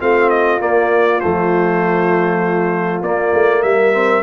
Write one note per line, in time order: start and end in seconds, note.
0.00 0.61 A3
0.00 0.60 C4
0.00 3.65 F4
0.00 0.30 F5
0.30 0.60 D#5
0.60 1.21 A#3
0.60 1.22 A#3
0.60 1.21 D5
1.21 3.02 F3
1.21 3.04 A3
1.21 3.02 C5
3.02 3.32 A#3
3.02 3.93 A#3
3.02 3.63 D5
3.34 3.64 A3
3.63 4.24 G3
3.63 4.24 A#4
3.63 4.24 E5
3.93 4.23 C4